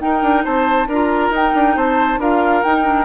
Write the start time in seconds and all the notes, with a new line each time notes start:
0.00 D#4 A#4 G5
0.22 D4
0.45 C4 C5 A5
0.87 D4 F4 A#4 A#5
1.30 D#4 G5
1.55 D4
1.76 C4 C5 A5
2.19 D4 F4 A#4 F5
2.63 D#4 G5
2.84 D4